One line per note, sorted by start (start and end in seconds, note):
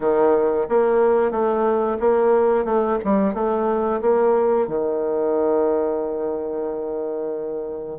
0.00 0.67 D#3
0.68 1.31 A#3
1.31 1.97 A3
2.00 2.64 A#3
2.64 2.98 A3
3.04 3.34 G3
3.34 4.00 A3
4.01 4.67 A#3
4.67 7.99 D#3